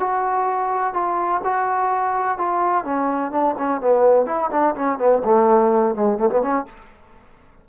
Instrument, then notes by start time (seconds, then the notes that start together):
trombone
0.00 F#4
0.94 F4
1.44 F#4
2.38 F4
2.85 C#4
3.32 D4
3.58 C#4
3.81 B3
4.26 E4
4.51 D4
4.75 C#4
4.99 B3
5.25 A3
5.95 G#3
6.18 A3
6.30 B3
6.42 C#4